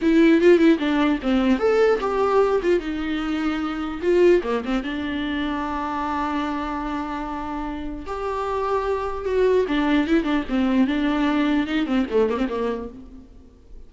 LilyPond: \new Staff \with { instrumentName = "viola" } { \time 4/4 \tempo 4 = 149 e'4 f'8 e'8 d'4 c'4 | a'4 g'4. f'8 dis'4~ | dis'2 f'4 ais8 c'8 | d'1~ |
d'1 | g'2. fis'4 | d'4 e'8 d'8 c'4 d'4~ | d'4 dis'8 c'8 a8 ais16 c'16 ais4 | }